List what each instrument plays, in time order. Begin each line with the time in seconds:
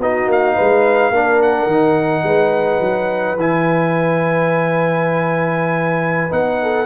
0.00 tuba B3, trombone D#4, horn F#4, trumpet D#5
0.27 tuba A#3, trumpet F5
0.55 tuba G#3, horn B4
1.10 tuba A#3, trombone D4, horn A#4
1.42 trumpet F#5
1.67 tuba D#3, trombone D#4
2.23 tuba G#3, horn B4
2.80 tuba F#3
3.36 tuba E3, trombone E4, trumpet G#5
6.30 tuba B3, trombone D#4, trumpet F#5
6.62 horn A4